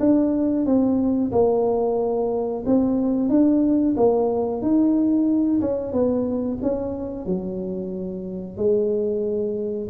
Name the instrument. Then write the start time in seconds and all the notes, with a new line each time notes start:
tuba
0.00 D4
0.66 C4
1.32 A#3
2.66 C4
3.30 D4
3.97 A#3
4.62 D#4
5.61 C#4
5.93 B3
6.63 C#4
7.26 F#3
8.57 G#3